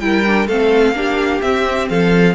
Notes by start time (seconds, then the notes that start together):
0.00 G3 E4 A#4 G5
0.26 D4
0.47 A3 C4 A4 F5
0.93 A#3 D4 G4
1.41 C4 E5
1.89 F3 A4 F5